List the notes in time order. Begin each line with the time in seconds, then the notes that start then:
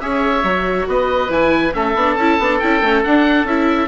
0.00 C#4 G#4 C#5 E5
0.43 F#3 F#4
0.87 B3 B4 D#5
1.28 E3 E4 G#5
1.73 A3 C#4 A4 E5
1.94 B3 D4
2.15 C#4 E4 A5
2.38 B3 D4
2.59 C#4 E4 G5
2.81 A3 C#4
3.03 D4 F#5
3.44 C#4 E4 E5